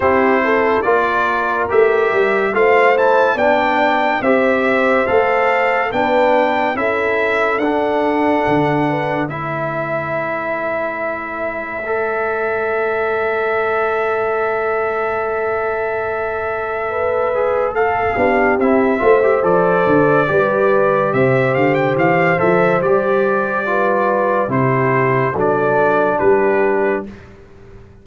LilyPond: <<
  \new Staff \with { instrumentName = "trumpet" } { \time 4/4 \tempo 4 = 71 c''4 d''4 e''4 f''8 a''8 | g''4 e''4 f''4 g''4 | e''4 fis''2 e''4~ | e''1~ |
e''1~ | e''4 f''4 e''4 d''4~ | d''4 e''8 f''16 g''16 f''8 e''8 d''4~ | d''4 c''4 d''4 b'4 | }
  \new Staff \with { instrumentName = "horn" } { \time 4/4 g'8 a'8 ais'2 c''4 | d''4 c''2 b'4 | a'2~ a'8 b'8 cis''4~ | cis''1~ |
cis''1 | b'4 a'8 g'4 c''4. | b'4 c''2. | b'4 g'4 a'4 g'4 | }
  \new Staff \with { instrumentName = "trombone" } { \time 4/4 e'4 f'4 g'4 f'8 e'8 | d'4 g'4 a'4 d'4 | e'4 d'2 e'4~ | e'2 a'2~ |
a'1~ | a'8 gis'8 a'8 d'8 e'8 f'16 g'16 a'4 | g'2~ g'8 a'8 g'4 | f'4 e'4 d'2 | }
  \new Staff \with { instrumentName = "tuba" } { \time 4/4 c'4 ais4 a8 g8 a4 | b4 c'4 a4 b4 | cis'4 d'4 d4 a4~ | a1~ |
a1~ | a4. b8 c'8 a8 f8 d8 | g4 c8 d8 e8 f8 g4~ | g4 c4 fis4 g4 | }
>>